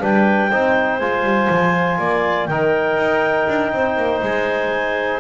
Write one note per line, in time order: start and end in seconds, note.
0.00 0.53 G3
0.00 0.50 D4
0.00 0.50 B4
0.00 0.99 G5
0.50 1.01 C4
0.50 1.01 D#4
0.50 1.99 C5
0.99 1.23 G#3
0.99 2.50 F4
0.99 2.46 G#5
1.23 1.48 G3
1.50 1.98 F3
1.98 2.48 A#3
1.98 2.48 D5
2.46 2.97 D#3
2.46 5.20 D#4
2.46 3.72 A#4
2.46 4.20 G5
2.97 3.47 D#4
3.48 3.72 D4
3.72 3.97 C4
3.72 5.20 C5
3.97 4.21 A#3
4.22 5.20 G#3
4.22 5.20 G#5